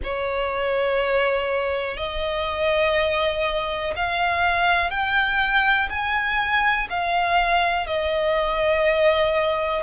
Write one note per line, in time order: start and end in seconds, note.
0.03 1.97 C#5
1.97 3.93 D#5
3.96 4.90 F5
4.90 5.88 G5
5.89 6.88 G#5
6.89 7.86 F5
7.86 9.83 D#5